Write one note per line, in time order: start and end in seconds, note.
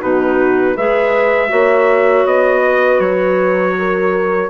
0.00 0.77 B2
0.00 0.75 D#4
0.00 0.74 F#4
0.00 0.77 B4
0.74 1.52 G#3
0.74 1.49 G#4
0.74 1.49 B4
0.74 2.27 E5
1.49 2.25 A#3
1.49 4.49 F#4
1.49 2.62 C#5
2.25 2.99 B3
2.25 3.00 D#5
2.65 3.77 B4
2.99 4.49 F#3
2.99 4.50 C#5
3.79 4.50 A#4